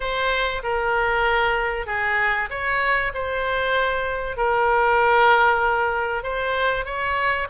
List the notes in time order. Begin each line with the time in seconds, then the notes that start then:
0.00 C5
0.63 A#4
1.86 G#4
2.50 C#5
3.14 C5
4.37 A#4
6.23 C5
6.85 C#5